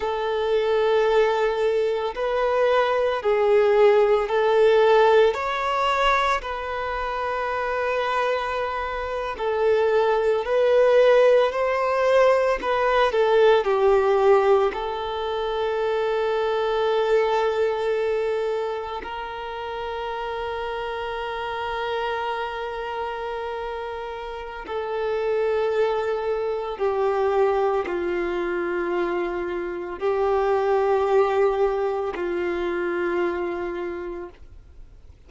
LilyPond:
\new Staff \with { instrumentName = "violin" } { \time 4/4 \tempo 4 = 56 a'2 b'4 gis'4 | a'4 cis''4 b'2~ | b'8. a'4 b'4 c''4 b'16~ | b'16 a'8 g'4 a'2~ a'16~ |
a'4.~ a'16 ais'2~ ais'16~ | ais'2. a'4~ | a'4 g'4 f'2 | g'2 f'2 | }